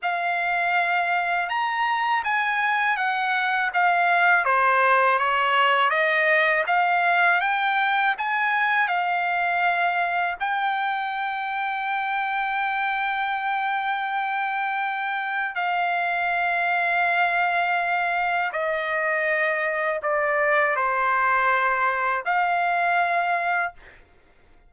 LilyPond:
\new Staff \with { instrumentName = "trumpet" } { \time 4/4 \tempo 4 = 81 f''2 ais''4 gis''4 | fis''4 f''4 c''4 cis''4 | dis''4 f''4 g''4 gis''4 | f''2 g''2~ |
g''1~ | g''4 f''2.~ | f''4 dis''2 d''4 | c''2 f''2 | }